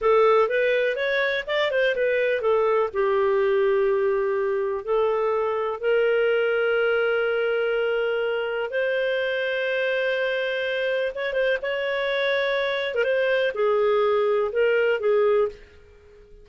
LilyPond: \new Staff \with { instrumentName = "clarinet" } { \time 4/4 \tempo 4 = 124 a'4 b'4 cis''4 d''8 c''8 | b'4 a'4 g'2~ | g'2 a'2 | ais'1~ |
ais'2 c''2~ | c''2. cis''8 c''8 | cis''2~ cis''8. ais'16 c''4 | gis'2 ais'4 gis'4 | }